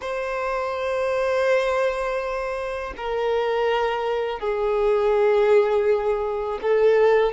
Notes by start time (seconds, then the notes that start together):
0.01 C5
2.96 A#4
4.39 G#4
6.62 A4